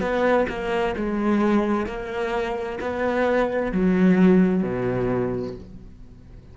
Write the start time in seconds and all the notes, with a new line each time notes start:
0.00 B3
0.49 A#3
0.96 G#3
1.86 A#3
2.80 B3
3.71 F#3
4.63 B2